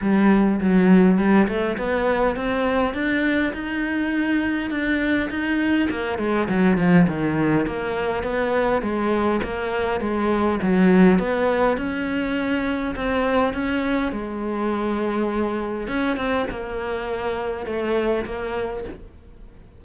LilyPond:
\new Staff \with { instrumentName = "cello" } { \time 4/4 \tempo 4 = 102 g4 fis4 g8 a8 b4 | c'4 d'4 dis'2 | d'4 dis'4 ais8 gis8 fis8 f8 | dis4 ais4 b4 gis4 |
ais4 gis4 fis4 b4 | cis'2 c'4 cis'4 | gis2. cis'8 c'8 | ais2 a4 ais4 | }